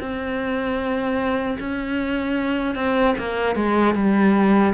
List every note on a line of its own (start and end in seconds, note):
0.00 1.58 C4
1.60 2.75 C#4
2.75 3.15 C4
3.19 3.56 A#3
3.56 3.95 G#3
3.95 4.74 G3